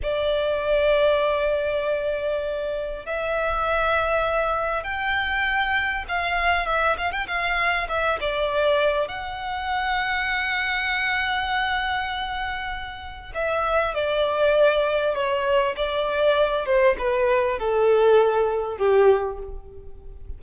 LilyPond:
\new Staff \with { instrumentName = "violin" } { \time 4/4 \tempo 4 = 99 d''1~ | d''4 e''2. | g''2 f''4 e''8 f''16 g''16 | f''4 e''8 d''4. fis''4~ |
fis''1~ | fis''2 e''4 d''4~ | d''4 cis''4 d''4. c''8 | b'4 a'2 g'4 | }